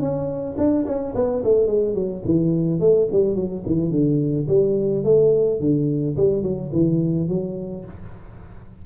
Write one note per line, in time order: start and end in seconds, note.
0.00 0.56 C#4
0.58 0.86 D4
0.86 1.14 C#4
1.15 1.43 B3
1.44 1.67 A3
1.67 1.94 G#3
1.94 2.23 F#3
2.25 2.80 E3
2.80 3.08 A3
3.11 3.35 G3
3.35 3.63 F#3
3.66 3.91 E3
3.91 4.47 D3
4.48 5.04 G3
5.04 5.60 A3
5.60 6.16 D3
6.17 6.42 G3
6.42 6.70 F#3
6.72 7.28 E3
7.29 7.85 F#3